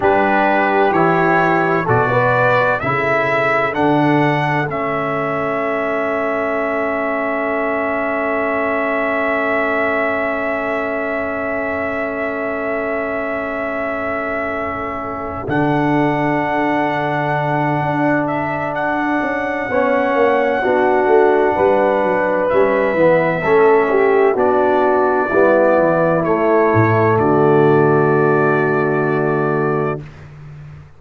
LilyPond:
<<
  \new Staff \with { instrumentName = "trumpet" } { \time 4/4 \tempo 4 = 64 b'4 cis''4 d''4 e''4 | fis''4 e''2.~ | e''1~ | e''1~ |
e''8 fis''2. e''8 | fis''1 | e''2 d''2 | cis''4 d''2. | }
  \new Staff \with { instrumentName = "horn" } { \time 4/4 g'2 a'16 b'8. a'4~ | a'1~ | a'1~ | a'1~ |
a'1~ | a'4 cis''4 fis'4 b'4~ | b'4 a'8 g'8 fis'4 e'4~ | e'4 fis'2. | }
  \new Staff \with { instrumentName = "trombone" } { \time 4/4 d'4 e'4 fis'4 e'4 | d'4 cis'2.~ | cis'1~ | cis'1~ |
cis'8 d'2.~ d'8~ | d'4 cis'4 d'2 | cis'8 b8 cis'4 d'4 b4 | a1 | }
  \new Staff \with { instrumentName = "tuba" } { \time 4/4 g4 e4 b,4 cis4 | d4 a2.~ | a1~ | a1~ |
a8 d2~ d8 d'4~ | d'8 cis'8 b8 ais8 b8 a8 g8 fis8 | g8 e8 a4 b4 g8 e8 | a8 a,8 d2. | }
>>